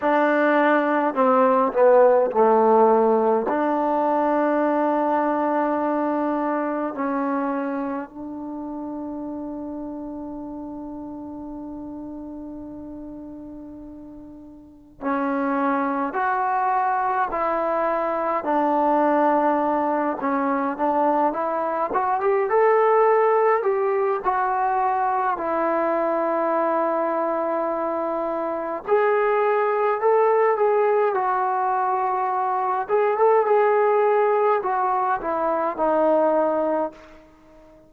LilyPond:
\new Staff \with { instrumentName = "trombone" } { \time 4/4 \tempo 4 = 52 d'4 c'8 b8 a4 d'4~ | d'2 cis'4 d'4~ | d'1~ | d'4 cis'4 fis'4 e'4 |
d'4. cis'8 d'8 e'8 fis'16 g'16 a'8~ | a'8 g'8 fis'4 e'2~ | e'4 gis'4 a'8 gis'8 fis'4~ | fis'8 gis'16 a'16 gis'4 fis'8 e'8 dis'4 | }